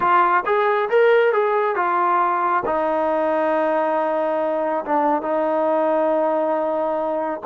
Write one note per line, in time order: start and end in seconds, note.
0.00 0.44 F4
0.45 0.89 G#4
0.89 1.32 A#4
1.32 1.75 G#4
1.75 2.63 F4
2.65 4.84 D#4
4.85 5.22 D4
5.22 7.41 D#4